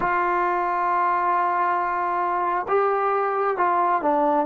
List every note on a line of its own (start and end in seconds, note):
0.00 2.66 F4
2.67 3.57 G4
3.57 4.02 F4
4.02 4.45 D4